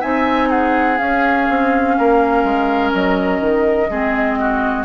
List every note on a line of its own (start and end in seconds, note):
0.00 0.99 C4
0.00 0.97 D#4
0.00 0.48 E5
0.00 0.50 G#5
0.50 1.95 G#4
0.50 0.98 F#5
0.97 3.87 C#4
0.97 1.48 C#4
0.97 2.91 F5
1.49 1.98 C4
1.98 2.43 A#3
1.98 3.90 A#4
2.43 2.92 G#3
2.94 3.40 F#3
2.94 4.85 D#5
3.40 3.89 D#3
3.89 4.85 G#3
3.89 4.85 C4
3.89 4.39 G#4
4.39 4.85 F#4